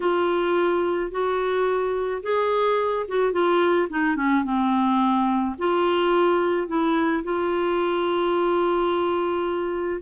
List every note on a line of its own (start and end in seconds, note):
0.00 1.11 F4
1.11 2.22 F#4
2.22 3.06 G#4
3.07 3.32 F#4
3.32 3.88 F4
3.89 4.16 D#4
4.16 4.43 C#4
4.44 5.55 C4
5.58 6.67 F4
6.67 7.23 E4
7.23 10.01 F4